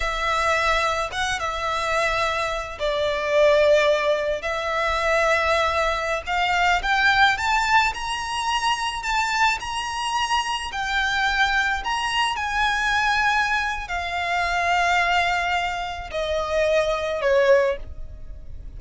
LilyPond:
\new Staff \with { instrumentName = "violin" } { \time 4/4 \tempo 4 = 108 e''2 fis''8 e''4.~ | e''4 d''2. | e''2.~ e''16 f''8.~ | f''16 g''4 a''4 ais''4.~ ais''16~ |
ais''16 a''4 ais''2 g''8.~ | g''4~ g''16 ais''4 gis''4.~ gis''16~ | gis''4 f''2.~ | f''4 dis''2 cis''4 | }